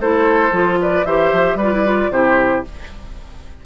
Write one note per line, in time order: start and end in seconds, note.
0.00 0.51 A3
0.00 0.51 E4
0.00 0.79 A4
0.00 0.79 C5
0.51 1.04 F3
0.51 1.04 F4
0.81 1.06 B4
0.81 1.05 D5
1.05 1.32 E3
1.05 1.59 G4
1.05 1.57 C5
1.05 1.58 E5
1.32 1.55 F3
1.55 2.08 G3
1.55 2.10 B4
1.55 2.12 D5
1.63 1.73 F4
1.73 1.85 E4
1.85 2.11 F4
2.10 2.63 C3
2.10 2.64 E4
2.10 2.65 G4
2.10 2.64 C5